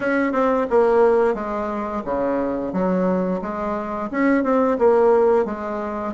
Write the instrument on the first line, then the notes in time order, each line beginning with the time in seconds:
bassoon
0.00 C#4
0.32 C4
0.70 A#3
1.34 G#3
2.05 C#3
2.72 F#3
3.41 G#3
4.11 C#4
4.43 C4
4.78 A#3
5.45 G#3